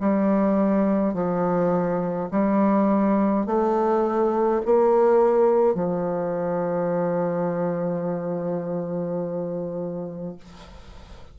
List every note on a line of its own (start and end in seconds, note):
0.00 1.14 G3
1.14 2.30 F3
2.31 3.46 G3
3.46 4.62 A3
4.66 5.75 A#3
5.75 10.36 F3